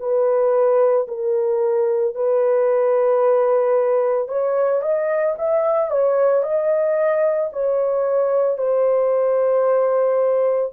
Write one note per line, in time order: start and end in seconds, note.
0.00 1.07 B4
1.08 2.15 A#4
2.15 4.28 B4
4.28 4.82 C#5
4.82 5.35 D#5
5.38 5.90 E5
5.90 6.43 C#5
6.43 7.50 D#5
7.52 8.58 C#5
8.58 10.72 C5